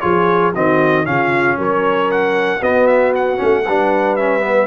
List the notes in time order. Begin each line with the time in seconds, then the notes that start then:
0.00 F3 F4 G#4 C#5
0.53 D#3 C4 F#4 D#5
1.05 C#3 C#4 F4 F5
1.57 F#3 A#4 C#5
2.11 F#5
2.59 B3 F#4 D#5
2.87 E5
3.15 F#5
3.36 A3 C#4
3.66 G3 D4 B4
4.16 C#4 E5
4.40 B3